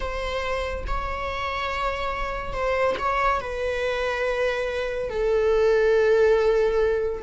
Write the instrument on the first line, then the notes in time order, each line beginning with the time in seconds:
viola
0.00 C5
0.87 C#5
2.53 C5
2.98 C#5
3.40 B4
5.09 A4